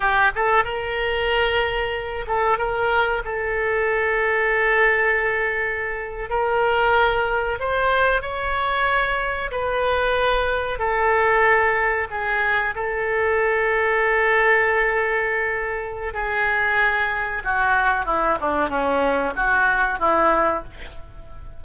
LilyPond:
\new Staff \with { instrumentName = "oboe" } { \time 4/4 \tempo 4 = 93 g'8 a'8 ais'2~ ais'8 a'8 | ais'4 a'2.~ | a'4.~ a'16 ais'2 c''16~ | c''8. cis''2 b'4~ b'16~ |
b'8. a'2 gis'4 a'16~ | a'1~ | a'4 gis'2 fis'4 | e'8 d'8 cis'4 fis'4 e'4 | }